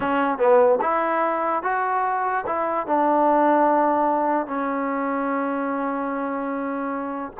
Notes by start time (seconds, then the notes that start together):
0.00 C#4
0.38 B3
0.81 E4
1.63 F#4
2.46 E4
2.86 D4
4.46 C#4